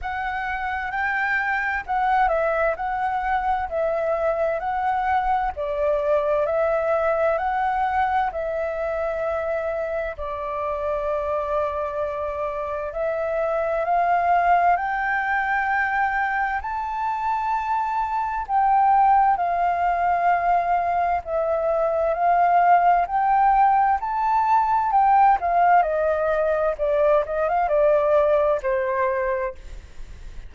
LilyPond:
\new Staff \with { instrumentName = "flute" } { \time 4/4 \tempo 4 = 65 fis''4 g''4 fis''8 e''8 fis''4 | e''4 fis''4 d''4 e''4 | fis''4 e''2 d''4~ | d''2 e''4 f''4 |
g''2 a''2 | g''4 f''2 e''4 | f''4 g''4 a''4 g''8 f''8 | dis''4 d''8 dis''16 f''16 d''4 c''4 | }